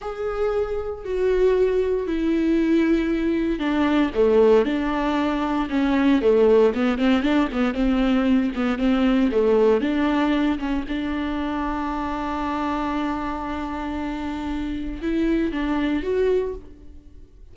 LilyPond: \new Staff \with { instrumentName = "viola" } { \time 4/4 \tempo 4 = 116 gis'2 fis'2 | e'2. d'4 | a4 d'2 cis'4 | a4 b8 c'8 d'8 b8 c'4~ |
c'8 b8 c'4 a4 d'4~ | d'8 cis'8 d'2.~ | d'1~ | d'4 e'4 d'4 fis'4 | }